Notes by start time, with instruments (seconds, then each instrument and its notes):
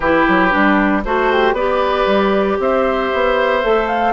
0.00 bassoon E3, clarinet E4, oboe G4, flute B4
0.27 bassoon F#3
0.50 bassoon G3, clarinet D4
1.04 bassoon A3, clarinet F#4, flute A4, oboe C5
1.31 flute G4
1.53 bassoon B3, clarinet G4, oboe B4, flute D5
2.06 bassoon G3
2.59 bassoon C4, oboe C5, flute E5
3.13 bassoon B3
3.62 bassoon A3, clarinet A4
3.87 flute F5